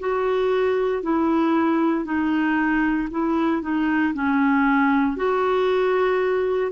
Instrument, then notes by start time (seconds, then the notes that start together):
clarinet
0.00 F#4
1.03 E4
2.05 D#4
3.11 E4
3.63 D#4
4.14 C#4
5.17 F#4